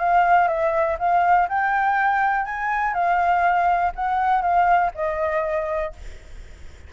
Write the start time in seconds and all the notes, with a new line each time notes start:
0.00 F5
0.48 E5
0.99 F5
1.49 G5
2.46 G#5
2.94 F5
3.96 F#5
4.42 F5
4.95 D#5